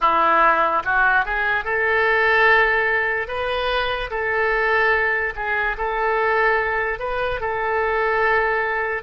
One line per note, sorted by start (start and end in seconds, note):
0.00 0.83 E4
0.84 1.25 F#4
1.25 1.64 G#4
1.64 3.27 A4
3.27 4.09 B4
4.10 5.33 A4
5.35 5.76 G#4
5.77 6.99 A4
6.99 7.40 B4
7.40 9.03 A4